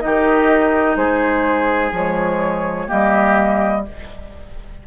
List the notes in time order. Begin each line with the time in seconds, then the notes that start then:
0.00 D#3 D#4 G4 D#5
0.96 G#3 G#4 C5
1.92 F3 G#3 C#5
2.87 G3 A#3 G4 D#5